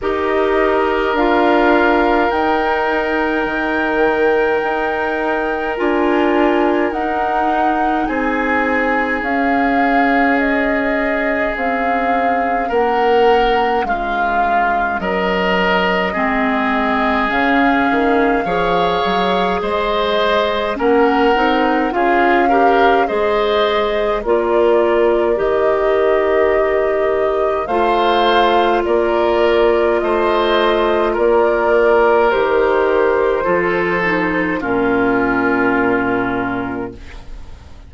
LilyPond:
<<
  \new Staff \with { instrumentName = "flute" } { \time 4/4 \tempo 4 = 52 dis''4 f''4 g''2~ | g''4 gis''4 fis''4 gis''4 | f''4 dis''4 f''4 fis''4 | f''4 dis''2 f''4~ |
f''4 dis''4 fis''4 f''4 | dis''4 d''4 dis''2 | f''4 d''4 dis''4 d''4 | c''2 ais'2 | }
  \new Staff \with { instrumentName = "oboe" } { \time 4/4 ais'1~ | ais'2. gis'4~ | gis'2. ais'4 | f'4 ais'4 gis'2 |
cis''4 c''4 ais'4 gis'8 ais'8 | c''4 ais'2. | c''4 ais'4 c''4 ais'4~ | ais'4 a'4 f'2 | }
  \new Staff \with { instrumentName = "clarinet" } { \time 4/4 g'4 f'4 dis'2~ | dis'4 f'4 dis'2 | cis'1~ | cis'2 c'4 cis'4 |
gis'2 cis'8 dis'8 f'8 g'8 | gis'4 f'4 g'2 | f'1 | g'4 f'8 dis'8 cis'2 | }
  \new Staff \with { instrumentName = "bassoon" } { \time 4/4 dis'4 d'4 dis'4 dis4 | dis'4 d'4 dis'4 c'4 | cis'2 c'4 ais4 | gis4 fis4 gis4 cis8 dis8 |
f8 fis8 gis4 ais8 c'8 cis'4 | gis4 ais4 dis2 | a4 ais4 a4 ais4 | dis4 f4 ais,2 | }
>>